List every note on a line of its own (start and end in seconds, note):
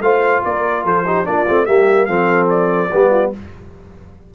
0.00 0.41 A3
0.00 1.05 F4
0.00 0.43 C5
0.00 0.43 F5
0.44 0.84 A#3
0.44 0.85 A#4
0.44 0.85 D5
0.84 1.25 F3
0.84 1.05 A4
0.84 1.26 C5
1.06 1.25 D#4
1.06 1.27 G4
1.25 1.47 A#3
1.25 1.45 D4
1.25 1.65 F4
1.25 1.65 D5
1.48 1.68 A3
1.48 1.67 C4
1.65 2.08 G3
1.65 2.08 A#3
1.65 2.07 G4
1.65 2.05 E5
2.05 2.90 F3
2.05 2.90 C4
2.05 2.89 A4
2.05 2.46 F5
2.49 3.32 D5
2.91 3.34 G3
2.91 3.32 B3
2.91 3.10 G4
3.10 3.31 F4